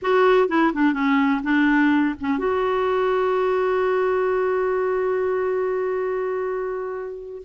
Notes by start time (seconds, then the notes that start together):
0.02 F#4
0.48 E4
0.73 D4
0.93 C#4
1.43 D4
2.20 C#4
2.38 F#4